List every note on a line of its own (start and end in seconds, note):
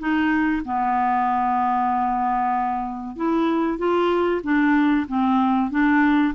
0.00 0.63 D#4
0.66 3.17 B3
3.17 3.79 E4
3.79 4.42 F4
4.44 5.07 D4
5.08 5.71 C4
5.71 6.34 D4